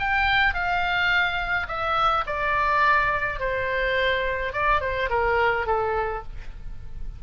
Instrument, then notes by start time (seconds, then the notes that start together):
oboe
0.00 G5
0.54 F5
1.68 E5
2.27 D5
3.40 C5
4.53 D5
4.81 C5
5.10 A#4
5.67 A4